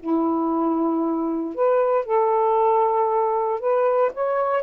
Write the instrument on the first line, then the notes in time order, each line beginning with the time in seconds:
saxophone
0.00 E4
1.55 B4
2.05 A4
3.60 B4
4.14 C#5